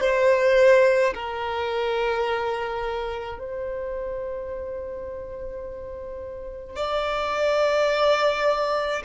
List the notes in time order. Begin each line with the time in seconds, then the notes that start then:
0.00 C5
1.14 A#4
3.39 C5
6.76 D5